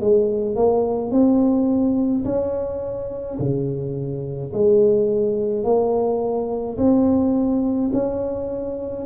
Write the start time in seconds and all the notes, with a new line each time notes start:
0.00 G#3
0.56 A#3
1.11 C4
2.25 C#4
3.39 C#3
4.53 G#3
5.64 A#3
6.78 C4
7.93 C#4